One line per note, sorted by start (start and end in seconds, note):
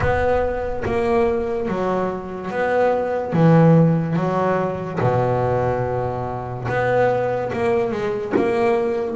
0.00 0.83 B3
0.85 1.68 A#3
1.68 2.50 F#3
2.50 3.33 B3
3.33 4.16 E3
4.16 4.99 F#3
5.00 6.67 B2
6.68 7.52 B3
7.52 7.91 A#3
7.91 8.33 G#3
8.36 9.16 A#3